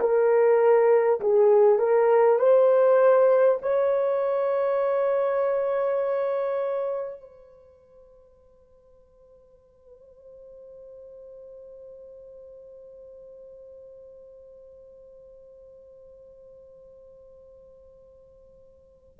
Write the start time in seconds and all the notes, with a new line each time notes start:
0.00 A#4
1.21 G#4
1.79 A#4
2.39 C5
3.62 C#5
7.21 C5